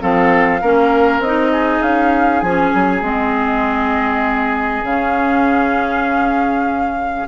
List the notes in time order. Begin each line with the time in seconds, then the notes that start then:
0.00 F3 C4 A4 F5
0.62 A#3 C#4 A#4
1.19 C4 D#5
1.26 D#4
1.52 G#4
1.82 C#4 F5
2.41 F3 C#4 G#5
2.74 F#3
3.02 G#3 C4 D#5
4.83 C#3 C#4 F5